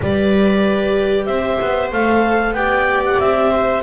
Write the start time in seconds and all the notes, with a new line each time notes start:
0.01 G3 G4 B4 D5
1.25 C4 C5 E5
1.61 B3
1.91 A3 A4 F5
2.52 B3 G4 D5 G5
3.05 F#5
3.19 C4 E5
3.51 C5